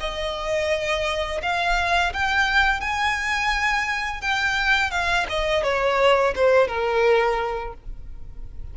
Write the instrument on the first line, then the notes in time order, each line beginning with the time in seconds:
violin
0.00 D#5
1.42 F5
2.13 G5
2.80 G#5
4.21 G5
4.91 F5
5.29 D#5
5.63 C#5
6.35 C5
6.68 A#4